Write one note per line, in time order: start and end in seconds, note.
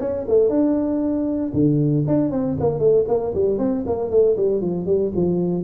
0.00 0.26 C#4
0.28 0.50 A3
0.50 1.52 D4
1.54 2.05 D3
2.07 2.32 D4
2.32 2.57 C4
2.60 2.79 A#3
2.79 3.05 A3
3.08 3.34 A#3
3.35 3.59 G3
3.59 3.84 C4
3.87 4.11 A#3
4.11 4.36 A3
4.37 4.61 G3
4.61 4.86 F3
4.86 5.12 G3
5.16 5.64 F3